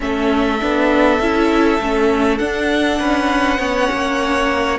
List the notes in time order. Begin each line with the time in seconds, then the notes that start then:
0.00 A3 C#4 A4 E5
0.60 B3 D4
1.19 C#4 E4
1.80 A3 C#4
2.38 D4 F#5
2.99 C#4 B4
3.58 B3 C#4 C#5
3.92 A#3